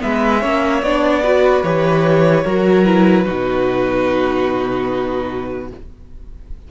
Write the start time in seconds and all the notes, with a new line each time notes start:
0.00 G#3 B3 B4 E5
0.41 A#3 C#4 C#5
0.83 B3 D4 D5
1.23 F#4 B4
1.64 E3 G4 C#5
2.44 F#3 F#4 A#4
2.84 E4 B4
3.25 B2 D#4 F#4